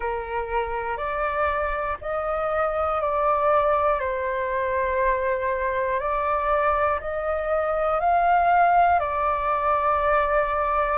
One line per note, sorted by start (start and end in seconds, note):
0.00 0.97 A#4
0.97 1.97 D5
2.00 3.00 D#5
3.00 4.00 D5
4.00 5.99 C5
5.99 6.99 D5
7.00 8.00 D#5
8.00 9.00 F5
9.00 10.98 D5